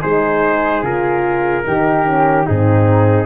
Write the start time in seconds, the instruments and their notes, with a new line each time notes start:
0.00 tuba G#3, horn D#4, flute G#4, trumpet C5
0.82 tuba C#3, horn F4, trumpet A#4
1.64 tuba D#3, horn D#4, flute G4
2.05 horn C#4
2.46 tuba G#2, horn C4, flute D#4, trumpet G#4